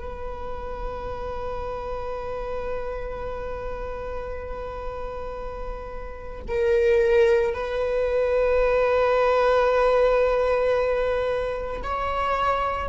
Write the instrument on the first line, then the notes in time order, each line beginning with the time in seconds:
viola
0.00 B4
6.48 A#4
7.54 B4
11.83 C#5